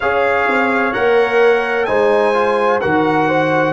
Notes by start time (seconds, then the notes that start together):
0.00 C#4 G#4 C#5 F5
0.47 C4
0.93 A#3 A#4 F#5
1.85 G#3 D#4 C5 G#5
2.34 F4
2.80 D#3 F#4 A#4 F#5
3.28 C5